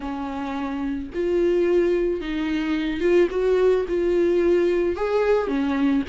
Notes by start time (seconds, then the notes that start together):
0.00 C#4
1.14 F4
2.20 D#4
3.00 F4
3.30 F#4
3.88 F4
4.95 G#4
5.47 C#4